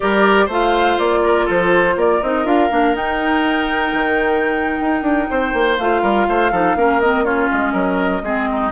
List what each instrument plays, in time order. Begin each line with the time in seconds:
0.00 bassoon G3, clarinet G4, oboe A#4, flute D5
0.45 bassoon A3, clarinet F4, oboe C5
0.52 flute F5
0.98 bassoon A#3, flute D5
1.23 oboe A#4
1.45 bassoon F3, oboe A4, flute C5
1.95 bassoon A#3, oboe A#4, flute D5
2.22 bassoon C4, clarinet D#4, flute D#5
2.44 bassoon D4, clarinet F4, flute F5
2.69 bassoon A#3, clarinet D4
2.94 bassoon D#4, clarinet D#4, flute G5
3.93 bassoon D#3
4.80 bassoon D#4
5.02 bassoon D4
5.30 bassoon C4, oboe C5
5.53 bassoon A#3
5.78 bassoon A3, clarinet F4, flute F5
6.02 bassoon G3, oboe A#4
6.28 bassoon A3, oboe C5
6.51 bassoon F3, clarinet D#4, oboe A4
6.75 bassoon A#3, clarinet C#4, oboe A#4
7.00 clarinet C4, flute D#5
7.24 clarinet C#4, oboe F4, flute C#5
7.50 bassoon G#3, flute D#5
7.72 bassoon F#3, oboe A#4
8.22 bassoon G#3, clarinet C4, oboe G#4
8.51 oboe D#4